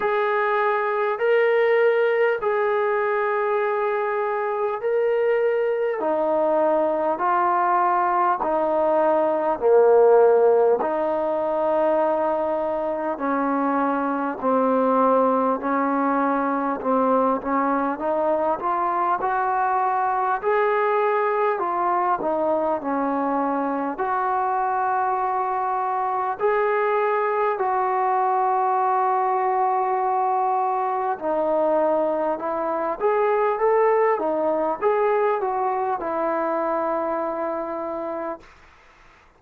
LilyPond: \new Staff \with { instrumentName = "trombone" } { \time 4/4 \tempo 4 = 50 gis'4 ais'4 gis'2 | ais'4 dis'4 f'4 dis'4 | ais4 dis'2 cis'4 | c'4 cis'4 c'8 cis'8 dis'8 f'8 |
fis'4 gis'4 f'8 dis'8 cis'4 | fis'2 gis'4 fis'4~ | fis'2 dis'4 e'8 gis'8 | a'8 dis'8 gis'8 fis'8 e'2 | }